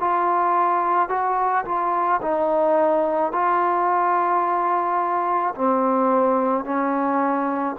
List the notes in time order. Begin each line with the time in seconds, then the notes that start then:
0.00 F4
1.09 F#4
1.65 F4
2.22 D#4
3.32 F4
5.55 C4
6.65 C#4